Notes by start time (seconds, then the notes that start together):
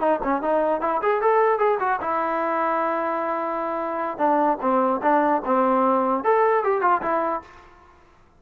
0.00 D#4
0.24 C#4
0.42 D#4
0.81 E4
1.03 G#4
1.22 A4
1.59 G#4
1.80 F#4
2.01 E4
4.18 D4
4.61 C4
5.03 D4
5.45 C4
6.24 A4
6.64 G4
6.82 F4
7.02 E4